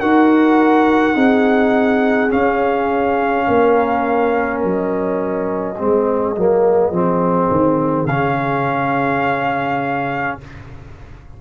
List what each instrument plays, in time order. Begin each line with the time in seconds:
0.00 tuba D#4, trombone F#4, horn A#4, trumpet F#5
1.15 tuba C4, trombone D#4, horn G#4
2.29 trombone C#4, tuba C#4, trumpet F5
3.47 tuba A#3, horn A#4
4.61 tuba F#3, trumpet D#5
5.78 tuba G#3, trombone C4, horn G#4
6.37 tuba F#3, trombone A#3
6.91 tuba F3, trombone C4
7.51 tuba D#3
8.05 tuba C#3, trombone C#4, trumpet F5